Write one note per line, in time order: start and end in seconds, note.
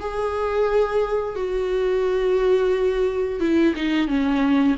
0.00 1.36 G#4
1.36 3.40 F#4
3.40 3.74 E4
3.76 4.08 D#4
4.08 4.76 C#4